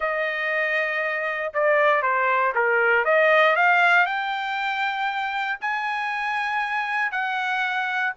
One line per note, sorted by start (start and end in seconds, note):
0.00 1.53 D#5
1.53 2.02 D5
2.02 2.53 C5
2.54 3.05 A#4
3.05 3.55 D#5
3.55 4.06 F5
4.06 5.58 G5
5.60 7.11 G#5
7.11 8.13 F#5